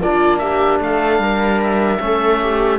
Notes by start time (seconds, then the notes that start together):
0.00 A#3 D4 F4 D5
0.38 G4 E5
0.80 A3 A4 F5
1.19 G3 A#4
1.63 E5
2.00 A3 C#4 A4
2.41 G4